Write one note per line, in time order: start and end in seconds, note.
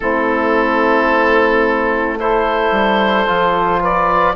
0.00 2.71 A3
0.00 2.19 C4
0.00 2.18 E4
0.00 2.18 A4
2.19 3.26 E4
2.19 3.80 A4
2.19 3.83 C5
2.71 3.26 G3
3.26 4.35 F3
3.26 4.35 F4
3.80 4.34 B4
3.80 4.35 D5